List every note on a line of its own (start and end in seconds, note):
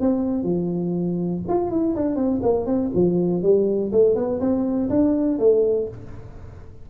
0.00 0.43 C4
0.43 1.42 F3
1.48 1.71 F4
1.71 1.95 E4
1.96 2.15 D4
2.15 2.40 C4
2.43 2.66 A#3
2.66 2.91 C4
2.94 3.42 F3
3.42 3.91 G3
3.92 4.15 A3
4.15 4.40 B3
4.40 4.89 C4
4.90 5.39 D4
5.39 5.88 A3